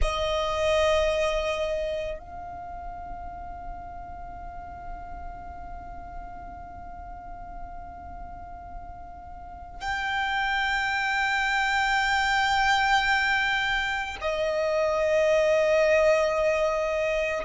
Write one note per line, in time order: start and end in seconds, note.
0.01 2.18 D#5
2.18 9.80 F5
9.80 14.17 G5
14.21 17.44 D#5